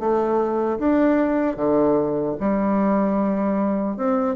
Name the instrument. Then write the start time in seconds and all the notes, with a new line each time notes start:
bassoon
0.00 A3
0.79 D4
1.57 D3
2.40 G3
3.97 C4